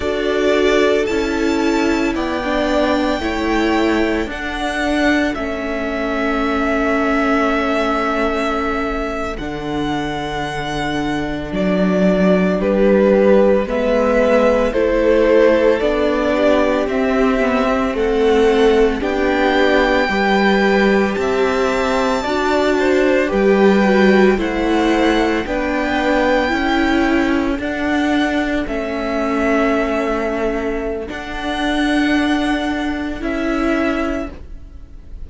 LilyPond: <<
  \new Staff \with { instrumentName = "violin" } { \time 4/4 \tempo 4 = 56 d''4 a''4 g''2 | fis''4 e''2.~ | e''8. fis''2 d''4 b'16~ | b'8. e''4 c''4 d''4 e''16~ |
e''8. fis''4 g''2 a''16~ | a''4.~ a''16 g''4 fis''4 g''16~ | g''4.~ g''16 fis''4 e''4~ e''16~ | e''4 fis''2 e''4 | }
  \new Staff \with { instrumentName = "violin" } { \time 4/4 a'2 d''4 cis''4 | a'1~ | a'2.~ a'8. g'16~ | g'8. b'4 a'4. g'8.~ |
g'8. a'4 g'4 b'4 e''16~ | e''8. d''8 c''8 b'4 c''4 b'16~ | b'8. a'2.~ a'16~ | a'1 | }
  \new Staff \with { instrumentName = "viola" } { \time 4/4 fis'4 e'4~ e'16 d'8. e'4 | d'4 cis'2.~ | cis'8. d'2.~ d'16~ | d'8. b4 e'4 d'4 c'16~ |
c'16 b16 c'4~ c'16 d'4 g'4~ g'16~ | g'8. fis'4 g'8 fis'8 e'4 d'16~ | d'8. e'4 d'4 cis'4~ cis'16~ | cis'4 d'2 e'4 | }
  \new Staff \with { instrumentName = "cello" } { \time 4/4 d'4 cis'4 b4 a4 | d'4 a2.~ | a8. d2 fis4 g16~ | g8. gis4 a4 b4 c'16~ |
c'8. a4 b4 g4 c'16~ | c'8. d'4 g4 a4 b16~ | b8. cis'4 d'4 a4~ a16~ | a4 d'2 cis'4 | }
>>